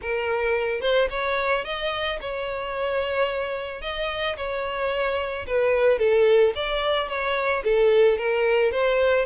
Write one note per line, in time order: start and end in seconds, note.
0.01 0.81 A#4
0.81 1.08 C5
1.10 1.64 C#5
1.64 2.19 D#5
2.20 3.81 C#5
3.81 4.36 D#5
4.36 5.45 C#5
5.46 5.99 B4
5.99 6.53 A4
6.55 7.08 D5
7.08 7.63 C#5
7.64 8.17 A4
8.17 8.71 A#4
8.71 9.25 C5